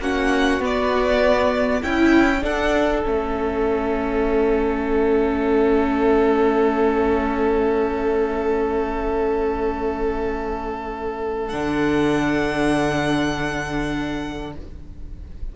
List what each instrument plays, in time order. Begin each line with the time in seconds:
0.00 cello A#3, viola C#4, violin F#4 F#5
0.60 cello B3, viola B3, violin D5
1.82 cello C#4, violin E4 G5, viola E4
2.41 viola D4, cello D4, violin A4 F#5
3.04 cello A3, viola C#4, violin E5
11.49 cello D3, viola D4, violin F#5